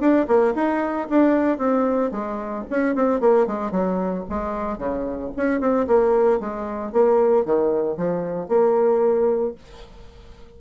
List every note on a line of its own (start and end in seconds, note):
0.00 0.27 D4
0.28 0.54 A#3
0.55 1.08 D#4
1.10 1.58 D4
1.58 2.11 C4
2.11 2.64 G#3
2.70 2.95 C#4
2.95 3.21 C4
3.21 3.47 A#3
3.47 3.71 G#3
3.71 4.24 F#3
4.29 4.78 G#3
4.78 5.31 C#3
5.37 5.60 C#4
5.60 5.87 C4
5.87 6.40 A#3
6.40 6.92 G#3
6.92 7.45 A#3
7.45 7.97 D#3
7.97 8.49 F3
8.49 9.55 A#3